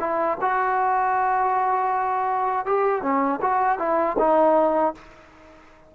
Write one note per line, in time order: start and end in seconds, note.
0.00 0.38 E4
0.41 2.66 F#4
2.66 3.02 G4
3.02 3.40 C#4
3.41 3.78 F#4
3.78 4.16 E4
4.19 4.95 D#4